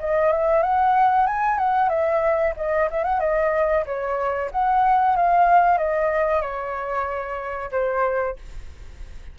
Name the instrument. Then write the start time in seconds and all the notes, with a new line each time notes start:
flute
0.00 D#5
0.32 E5
0.63 F#5
1.27 G#5
1.59 F#5
1.89 E5
2.57 D#5
2.91 E5
3.04 F#5
3.20 D#5
3.86 C#5
4.52 F#5
5.16 F5
5.78 D#5
6.42 C#5
7.72 C5